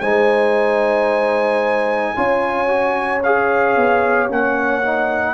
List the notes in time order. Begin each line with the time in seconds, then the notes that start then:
0.00 G#3 D#4 C5 G#5
2.16 C#4 F4 C#5
2.67 F#4
3.23 G#4 F5
3.76 B3
4.29 A#3 C#4 F#5
4.83 D#4